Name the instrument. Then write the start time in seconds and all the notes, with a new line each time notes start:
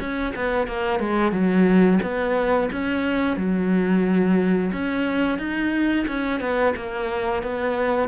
cello
0.00 C#4
0.36 B3
0.67 A#3
1.00 G#3
1.32 F#3
2.02 B3
2.72 C#4
3.37 F#3
4.73 C#4
5.39 D#4
6.08 C#4
6.40 B3
6.76 A#3
7.43 B3